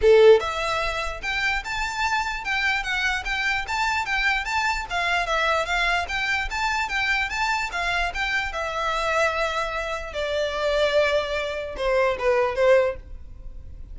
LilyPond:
\new Staff \with { instrumentName = "violin" } { \time 4/4 \tempo 4 = 148 a'4 e''2 g''4 | a''2 g''4 fis''4 | g''4 a''4 g''4 a''4 | f''4 e''4 f''4 g''4 |
a''4 g''4 a''4 f''4 | g''4 e''2.~ | e''4 d''2.~ | d''4 c''4 b'4 c''4 | }